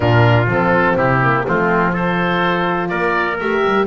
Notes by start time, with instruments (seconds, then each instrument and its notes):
0.00 double bass A#2, horn D4, trumpet F4, oboe A#4
0.47 double bass F3, horn C4, oboe A4
0.96 double bass C3, trumpet E4, oboe G4
1.22 horn A#3
1.46 double bass F3, horn A3, trumpet C4, oboe F4
1.90 horn F4, trumpet A4, oboe C5
2.89 double bass A#3, trumpet A#4, oboe D5
3.39 double bass A3, horn G4, oboe E5
3.65 double bass G3